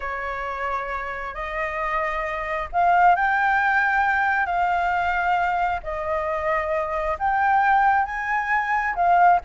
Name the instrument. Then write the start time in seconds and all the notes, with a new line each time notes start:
flute
0.00 C#5
1.34 D#5
2.72 F5
3.15 G5
4.46 F5
5.83 D#5
7.19 G5
8.05 G#5
8.95 F5